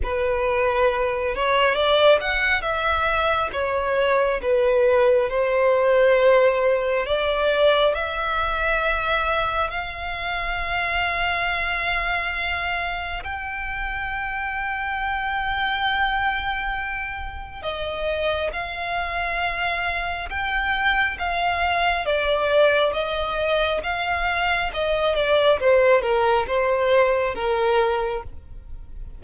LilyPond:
\new Staff \with { instrumentName = "violin" } { \time 4/4 \tempo 4 = 68 b'4. cis''8 d''8 fis''8 e''4 | cis''4 b'4 c''2 | d''4 e''2 f''4~ | f''2. g''4~ |
g''1 | dis''4 f''2 g''4 | f''4 d''4 dis''4 f''4 | dis''8 d''8 c''8 ais'8 c''4 ais'4 | }